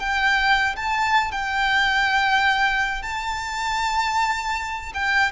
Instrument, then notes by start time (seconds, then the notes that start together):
violin
0.00 G5
0.76 A5
1.32 G5
3.02 A5
4.94 G5